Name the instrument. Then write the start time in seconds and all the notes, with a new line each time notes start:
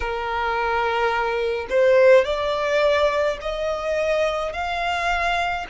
violin
0.00 A#4
1.69 C5
2.24 D5
3.41 D#5
4.52 F5